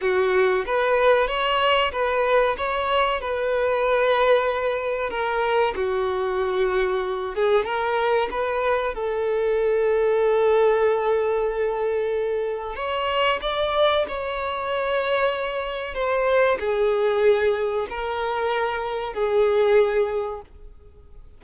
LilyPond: \new Staff \with { instrumentName = "violin" } { \time 4/4 \tempo 4 = 94 fis'4 b'4 cis''4 b'4 | cis''4 b'2. | ais'4 fis'2~ fis'8 gis'8 | ais'4 b'4 a'2~ |
a'1 | cis''4 d''4 cis''2~ | cis''4 c''4 gis'2 | ais'2 gis'2 | }